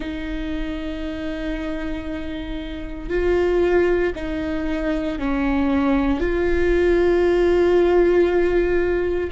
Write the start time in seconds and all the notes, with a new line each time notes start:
0.00 D#4
3.09 F4
4.15 D#4
5.18 C#4
6.20 F4